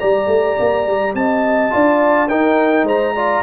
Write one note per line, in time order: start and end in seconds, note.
0.00 0.28 G3
0.00 1.71 G4
0.00 1.15 D5
0.00 1.14 A#5
0.28 0.56 A3
0.60 0.87 A#3
0.87 1.15 G3
1.15 1.72 C4
1.15 1.74 D#5
1.15 2.29 A5
1.71 2.31 D4
1.71 2.28 F4
1.71 2.29 D5
2.29 3.15 D#4
2.29 2.84 D#4
2.29 2.86 A#4
2.29 2.86 G5
2.84 3.41 G#3
2.84 3.14 C5
2.84 3.43 A#5
3.16 3.43 F4
3.16 3.43 D5